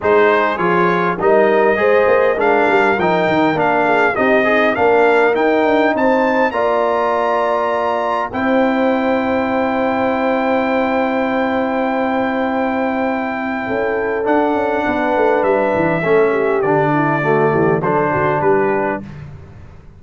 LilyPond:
<<
  \new Staff \with { instrumentName = "trumpet" } { \time 4/4 \tempo 4 = 101 c''4 cis''4 dis''2 | f''4 g''4 f''4 dis''4 | f''4 g''4 a''4 ais''4~ | ais''2 g''2~ |
g''1~ | g''1 | fis''2 e''2 | d''2 c''4 b'4 | }
  \new Staff \with { instrumentName = "horn" } { \time 4/4 gis'2 ais'4 c''4 | ais'2~ ais'8 gis'8 g'8 dis'8 | ais'2 c''4 d''4~ | d''2 c''2~ |
c''1~ | c''2. a'4~ | a'4 b'2 a'8 g'8~ | g'8 e'8 fis'8 g'8 a'8 fis'8 g'4 | }
  \new Staff \with { instrumentName = "trombone" } { \time 4/4 dis'4 f'4 dis'4 gis'4 | d'4 dis'4 d'4 dis'8 gis'8 | d'4 dis'2 f'4~ | f'2 e'2~ |
e'1~ | e'1 | d'2. cis'4 | d'4 a4 d'2 | }
  \new Staff \with { instrumentName = "tuba" } { \time 4/4 gis4 f4 g4 gis8 ais8 | gis8 g8 f8 dis8 ais4 c'4 | ais4 dis'8 d'8 c'4 ais4~ | ais2 c'2~ |
c'1~ | c'2. cis'4 | d'8 cis'8 b8 a8 g8 e8 a4 | d4. e8 fis8 d8 g4 | }
>>